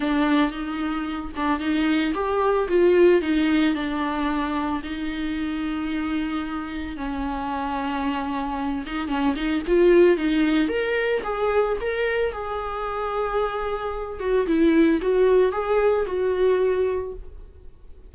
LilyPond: \new Staff \with { instrumentName = "viola" } { \time 4/4 \tempo 4 = 112 d'4 dis'4. d'8 dis'4 | g'4 f'4 dis'4 d'4~ | d'4 dis'2.~ | dis'4 cis'2.~ |
cis'8 dis'8 cis'8 dis'8 f'4 dis'4 | ais'4 gis'4 ais'4 gis'4~ | gis'2~ gis'8 fis'8 e'4 | fis'4 gis'4 fis'2 | }